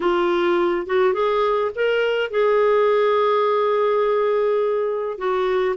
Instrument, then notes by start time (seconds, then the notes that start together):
clarinet
0.00 F4
0.86 F#4
1.13 G#4
1.75 A#4
2.30 G#4
5.17 F#4